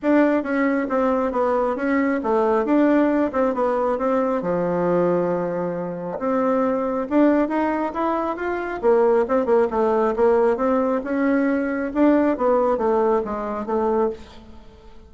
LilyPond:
\new Staff \with { instrumentName = "bassoon" } { \time 4/4 \tempo 4 = 136 d'4 cis'4 c'4 b4 | cis'4 a4 d'4. c'8 | b4 c'4 f2~ | f2 c'2 |
d'4 dis'4 e'4 f'4 | ais4 c'8 ais8 a4 ais4 | c'4 cis'2 d'4 | b4 a4 gis4 a4 | }